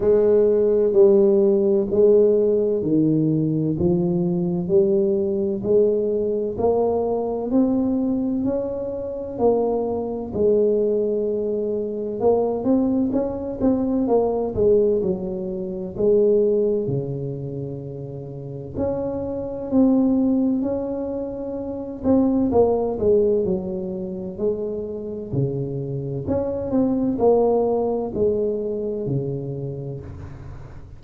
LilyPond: \new Staff \with { instrumentName = "tuba" } { \time 4/4 \tempo 4 = 64 gis4 g4 gis4 dis4 | f4 g4 gis4 ais4 | c'4 cis'4 ais4 gis4~ | gis4 ais8 c'8 cis'8 c'8 ais8 gis8 |
fis4 gis4 cis2 | cis'4 c'4 cis'4. c'8 | ais8 gis8 fis4 gis4 cis4 | cis'8 c'8 ais4 gis4 cis4 | }